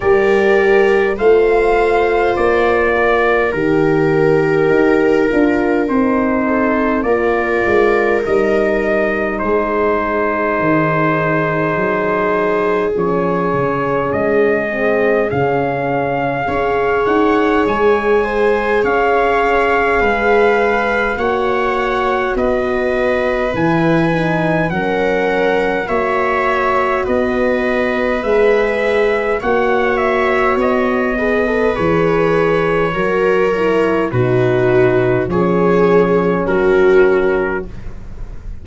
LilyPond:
<<
  \new Staff \with { instrumentName = "trumpet" } { \time 4/4 \tempo 4 = 51 d''4 f''4 d''4 ais'4~ | ais'4 c''4 d''4 dis''4 | c''2. cis''4 | dis''4 f''4. fis''8 gis''4 |
f''2 fis''4 dis''4 | gis''4 fis''4 e''4 dis''4 | e''4 fis''8 e''8 dis''4 cis''4~ | cis''4 b'4 cis''4 ais'4 | }
  \new Staff \with { instrumentName = "viola" } { \time 4/4 ais'4 c''4. ais'4.~ | ais'4. a'8 ais'2 | gis'1~ | gis'2 cis''4. c''8 |
cis''4 b'4 cis''4 b'4~ | b'4 ais'4 cis''4 b'4~ | b'4 cis''4. b'4. | ais'4 fis'4 gis'4 fis'4 | }
  \new Staff \with { instrumentName = "horn" } { \time 4/4 g'4 f'2 g'4~ | g'8 f'8 dis'4 f'4 dis'4~ | dis'2. cis'4~ | cis'8 c'8 cis'4 gis'2~ |
gis'2 fis'2 | e'8 dis'8 cis'4 fis'2 | gis'4 fis'4. gis'16 a'16 gis'4 | fis'8 e'8 dis'4 cis'2 | }
  \new Staff \with { instrumentName = "tuba" } { \time 4/4 g4 a4 ais4 dis4 | dis'8 d'8 c'4 ais8 gis8 g4 | gis4 dis4 fis4 f8 cis8 | gis4 cis4 cis'8 dis'8 gis4 |
cis'4 gis4 ais4 b4 | e4 fis4 ais4 b4 | gis4 ais4 b4 e4 | fis4 b,4 f4 fis4 | }
>>